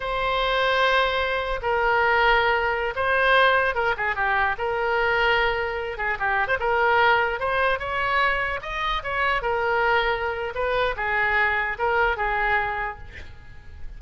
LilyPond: \new Staff \with { instrumentName = "oboe" } { \time 4/4 \tempo 4 = 148 c''1 | ais'2.~ ais'16 c''8.~ | c''4~ c''16 ais'8 gis'8 g'4 ais'8.~ | ais'2~ ais'8. gis'8 g'8. |
c''16 ais'2 c''4 cis''8.~ | cis''4~ cis''16 dis''4 cis''4 ais'8.~ | ais'2 b'4 gis'4~ | gis'4 ais'4 gis'2 | }